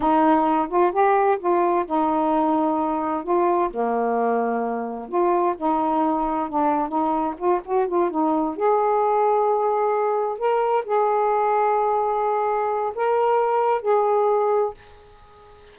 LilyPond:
\new Staff \with { instrumentName = "saxophone" } { \time 4/4 \tempo 4 = 130 dis'4. f'8 g'4 f'4 | dis'2. f'4 | ais2. f'4 | dis'2 d'4 dis'4 |
f'8 fis'8 f'8 dis'4 gis'4.~ | gis'2~ gis'8 ais'4 gis'8~ | gis'1 | ais'2 gis'2 | }